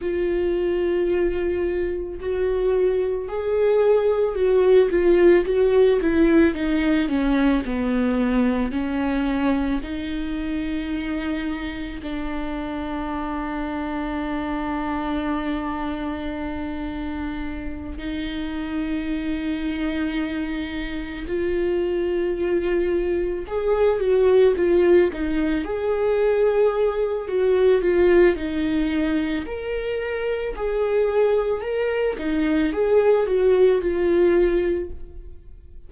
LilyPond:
\new Staff \with { instrumentName = "viola" } { \time 4/4 \tempo 4 = 55 f'2 fis'4 gis'4 | fis'8 f'8 fis'8 e'8 dis'8 cis'8 b4 | cis'4 dis'2 d'4~ | d'1~ |
d'8 dis'2. f'8~ | f'4. gis'8 fis'8 f'8 dis'8 gis'8~ | gis'4 fis'8 f'8 dis'4 ais'4 | gis'4 ais'8 dis'8 gis'8 fis'8 f'4 | }